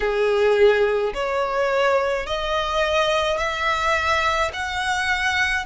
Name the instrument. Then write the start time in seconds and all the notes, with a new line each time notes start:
violin
0.00 G#4
1.14 C#5
2.26 D#5
3.38 E5
4.53 F#5